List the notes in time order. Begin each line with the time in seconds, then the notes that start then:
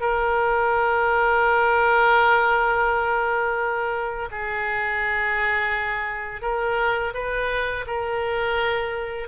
0.00 A#4
4.31 G#4
6.41 A#4
7.14 B4
7.87 A#4